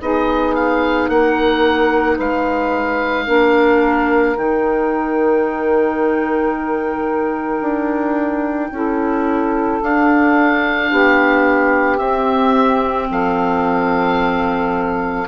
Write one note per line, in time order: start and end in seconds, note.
0.00 1.08 B3
0.00 3.26 D#4
0.00 1.09 G#4
0.00 0.55 D#5
0.55 1.09 F5
1.08 2.17 A#3
1.08 2.16 A#4
1.08 2.18 F#5
2.16 3.27 G#3
2.16 3.25 B4
2.16 4.37 F5
3.25 4.36 A#3
3.25 4.35 D4
3.25 8.70 A#4
4.37 7.60 D#3
4.37 8.74 D#4
4.37 9.82 G5
7.60 8.70 D4
8.71 9.80 C#4
8.71 9.82 E4
8.71 10.89 A4
9.82 10.91 D4
9.82 11.97 D4
9.82 11.97 F5
10.89 11.99 B3
10.89 13.07 G4
11.97 15.24 C4
11.97 13.08 C4
11.97 13.07 E5
13.10 15.28 F3
13.10 15.28 A4
13.10 15.28 F5